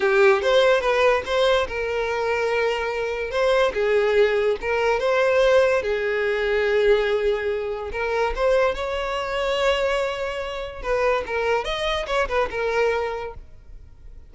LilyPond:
\new Staff \with { instrumentName = "violin" } { \time 4/4 \tempo 4 = 144 g'4 c''4 b'4 c''4 | ais'1 | c''4 gis'2 ais'4 | c''2 gis'2~ |
gis'2. ais'4 | c''4 cis''2.~ | cis''2 b'4 ais'4 | dis''4 cis''8 b'8 ais'2 | }